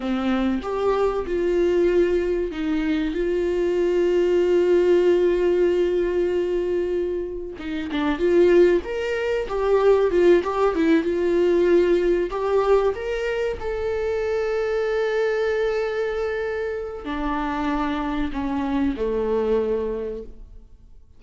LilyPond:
\new Staff \with { instrumentName = "viola" } { \time 4/4 \tempo 4 = 95 c'4 g'4 f'2 | dis'4 f'2.~ | f'1 | dis'8 d'8 f'4 ais'4 g'4 |
f'8 g'8 e'8 f'2 g'8~ | g'8 ais'4 a'2~ a'8~ | a'2. d'4~ | d'4 cis'4 a2 | }